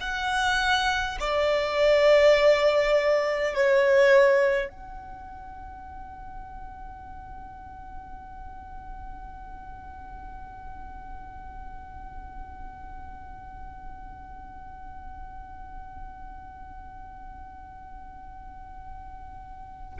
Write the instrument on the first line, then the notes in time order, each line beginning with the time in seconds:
violin
0.00 F#5
1.20 D5
3.55 C#5
4.69 F#5